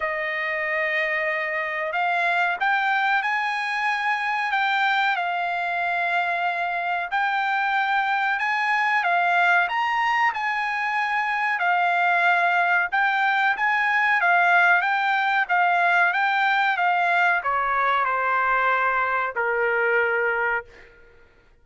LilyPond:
\new Staff \with { instrumentName = "trumpet" } { \time 4/4 \tempo 4 = 93 dis''2. f''4 | g''4 gis''2 g''4 | f''2. g''4~ | g''4 gis''4 f''4 ais''4 |
gis''2 f''2 | g''4 gis''4 f''4 g''4 | f''4 g''4 f''4 cis''4 | c''2 ais'2 | }